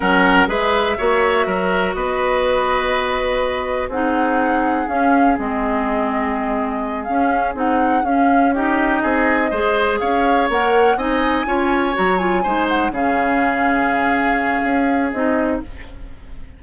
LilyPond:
<<
  \new Staff \with { instrumentName = "flute" } { \time 4/4 \tempo 4 = 123 fis''4 e''2. | dis''1 | fis''2 f''4 dis''4~ | dis''2~ dis''8 f''4 fis''8~ |
fis''8 f''4 dis''2~ dis''8~ | dis''8 f''4 fis''4 gis''4.~ | gis''8 ais''8 gis''4 fis''8 f''4.~ | f''2. dis''4 | }
  \new Staff \with { instrumentName = "oboe" } { \time 4/4 ais'4 b'4 cis''4 ais'4 | b'1 | gis'1~ | gis'1~ |
gis'4. g'4 gis'4 c''8~ | c''8 cis''2 dis''4 cis''8~ | cis''4. c''4 gis'4.~ | gis'1 | }
  \new Staff \with { instrumentName = "clarinet" } { \time 4/4 cis'4 gis'4 fis'2~ | fis'1 | dis'2 cis'4 c'4~ | c'2~ c'8 cis'4 dis'8~ |
dis'8 cis'4 dis'2 gis'8~ | gis'4. ais'4 dis'4 f'8~ | f'8 fis'8 f'8 dis'4 cis'4.~ | cis'2. dis'4 | }
  \new Staff \with { instrumentName = "bassoon" } { \time 4/4 fis4 gis4 ais4 fis4 | b1 | c'2 cis'4 gis4~ | gis2~ gis8 cis'4 c'8~ |
c'8 cis'2 c'4 gis8~ | gis8 cis'4 ais4 c'4 cis'8~ | cis'8 fis4 gis4 cis4.~ | cis2 cis'4 c'4 | }
>>